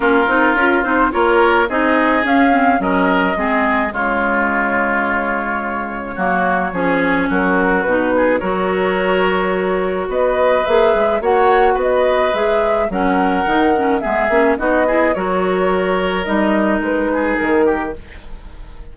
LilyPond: <<
  \new Staff \with { instrumentName = "flute" } { \time 4/4 \tempo 4 = 107 ais'4. c''8 cis''4 dis''4 | f''4 dis''2 cis''4~ | cis''1~ | cis''4 ais'4 b'4 cis''4~ |
cis''2 dis''4 e''4 | fis''4 dis''4 e''4 fis''4~ | fis''4 e''4 dis''4 cis''4~ | cis''4 dis''4 b'4 ais'4 | }
  \new Staff \with { instrumentName = "oboe" } { \time 4/4 f'2 ais'4 gis'4~ | gis'4 ais'4 gis'4 f'4~ | f'2. fis'4 | gis'4 fis'4. gis'8 ais'4~ |
ais'2 b'2 | cis''4 b'2 ais'4~ | ais'4 gis'4 fis'8 gis'8 ais'4~ | ais'2~ ais'8 gis'4 g'8 | }
  \new Staff \with { instrumentName = "clarinet" } { \time 4/4 cis'8 dis'8 f'8 dis'8 f'4 dis'4 | cis'8 c'8 cis'4 c'4 gis4~ | gis2. ais4 | cis'2 dis'4 fis'4~ |
fis'2. gis'4 | fis'2 gis'4 cis'4 | dis'8 cis'8 b8 cis'8 dis'8 e'8 fis'4~ | fis'4 dis'2. | }
  \new Staff \with { instrumentName = "bassoon" } { \time 4/4 ais8 c'8 cis'8 c'8 ais4 c'4 | cis'4 fis4 gis4 cis4~ | cis2. fis4 | f4 fis4 b,4 fis4~ |
fis2 b4 ais8 gis8 | ais4 b4 gis4 fis4 | dis4 gis8 ais8 b4 fis4~ | fis4 g4 gis4 dis4 | }
>>